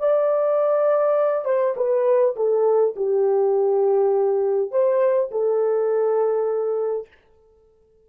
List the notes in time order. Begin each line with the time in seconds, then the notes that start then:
0.00 D5
1.45 C5
1.77 B4
2.36 A4
2.96 G4
4.71 C5
5.31 A4